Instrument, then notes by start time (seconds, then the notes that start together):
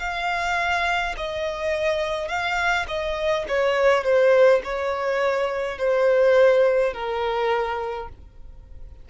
violin
0.00 F5
1.17 D#5
2.29 F5
2.88 D#5
3.49 C#5
4.04 C5
4.64 C#5
5.78 C5
6.94 A#4